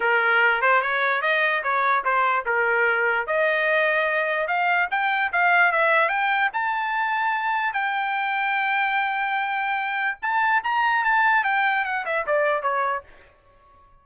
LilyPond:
\new Staff \with { instrumentName = "trumpet" } { \time 4/4 \tempo 4 = 147 ais'4. c''8 cis''4 dis''4 | cis''4 c''4 ais'2 | dis''2. f''4 | g''4 f''4 e''4 g''4 |
a''2. g''4~ | g''1~ | g''4 a''4 ais''4 a''4 | g''4 fis''8 e''8 d''4 cis''4 | }